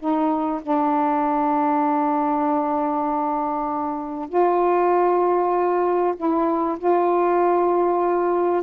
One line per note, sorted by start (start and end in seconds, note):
0.00 0.62 D#4
0.62 4.30 D4
4.30 6.15 F4
6.17 6.79 E4
6.79 8.63 F4